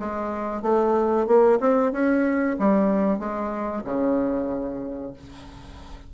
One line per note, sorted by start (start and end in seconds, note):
0.00 0.63 G#3
0.63 1.27 A3
1.27 1.60 A#3
1.60 1.92 C4
1.92 2.57 C#4
2.60 3.19 G3
3.19 3.84 G#3
3.85 5.14 C#3